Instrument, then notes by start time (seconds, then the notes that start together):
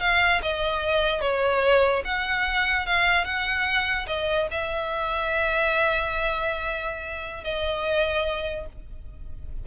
violin
0.00 F5
0.42 D#5
1.21 C#5
2.04 F#5
2.86 F5
3.25 F#5
4.07 D#5
4.51 E5
7.44 D#5